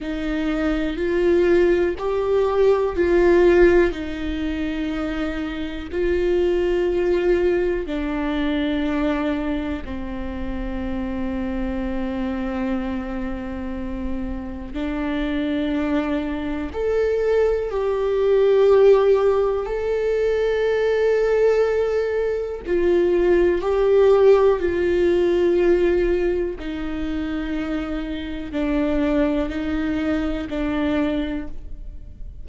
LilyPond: \new Staff \with { instrumentName = "viola" } { \time 4/4 \tempo 4 = 61 dis'4 f'4 g'4 f'4 | dis'2 f'2 | d'2 c'2~ | c'2. d'4~ |
d'4 a'4 g'2 | a'2. f'4 | g'4 f'2 dis'4~ | dis'4 d'4 dis'4 d'4 | }